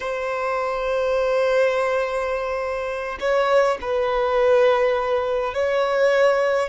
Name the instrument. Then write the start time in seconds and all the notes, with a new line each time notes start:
violin
0.00 C5
3.20 C#5
3.81 B4
5.54 C#5